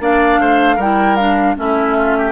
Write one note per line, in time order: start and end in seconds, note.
0.00 0.39 A#3
0.00 0.79 D4
0.00 0.41 D5
0.00 0.81 F5
0.39 0.78 A3
0.39 0.76 C5
0.76 1.56 G3
0.76 1.19 E4
0.76 1.54 A#4
0.76 1.16 G5
1.16 1.56 D4
1.16 1.55 F5
1.56 2.32 A3
1.56 2.32 C#4
1.56 1.98 E4
1.56 2.32 E5
1.98 2.17 F4
2.18 2.32 G4